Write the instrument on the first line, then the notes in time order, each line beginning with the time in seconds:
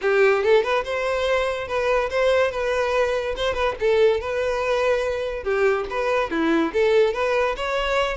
violin
0.01 G4
0.43 A4
0.63 B4
0.84 C5
1.67 B4
2.10 C5
2.51 B4
3.36 C5
3.54 B4
3.80 A4
4.20 B4
5.43 G4
5.90 B4
6.30 E4
6.73 A4
7.13 B4
7.56 C#5